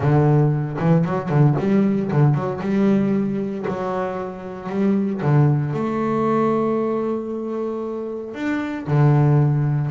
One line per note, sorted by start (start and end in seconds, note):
0.00 0.77 D3
0.78 1.04 E3
1.05 1.29 F#3
1.29 1.55 D3
1.58 2.11 G3
2.11 2.34 D3
2.34 2.60 F#3
2.61 3.65 G3
3.68 4.69 F#3
4.69 5.21 G3
5.22 5.73 D3
5.73 8.34 A3
8.34 8.86 D4
8.87 9.90 D3